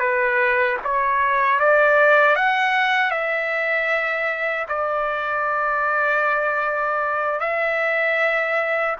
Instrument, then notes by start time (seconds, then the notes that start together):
trumpet
0.00 B4
0.85 C#5
1.60 D5
2.36 F#5
3.11 E5
4.69 D5
7.41 E5